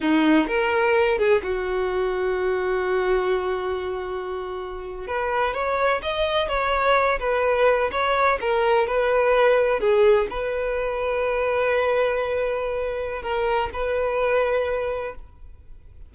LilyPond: \new Staff \with { instrumentName = "violin" } { \time 4/4 \tempo 4 = 127 dis'4 ais'4. gis'8 fis'4~ | fis'1~ | fis'2~ fis'8. b'4 cis''16~ | cis''8. dis''4 cis''4. b'8.~ |
b'8. cis''4 ais'4 b'4~ b'16~ | b'8. gis'4 b'2~ b'16~ | b'1 | ais'4 b'2. | }